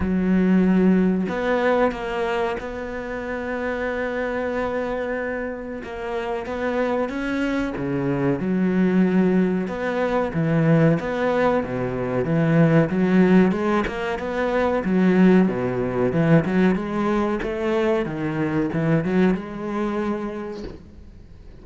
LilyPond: \new Staff \with { instrumentName = "cello" } { \time 4/4 \tempo 4 = 93 fis2 b4 ais4 | b1~ | b4 ais4 b4 cis'4 | cis4 fis2 b4 |
e4 b4 b,4 e4 | fis4 gis8 ais8 b4 fis4 | b,4 e8 fis8 gis4 a4 | dis4 e8 fis8 gis2 | }